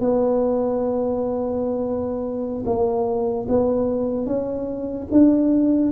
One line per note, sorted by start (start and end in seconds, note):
0.00 2.64 B3
2.65 3.46 A#3
3.48 4.26 B3
4.26 5.07 C#4
5.11 5.91 D4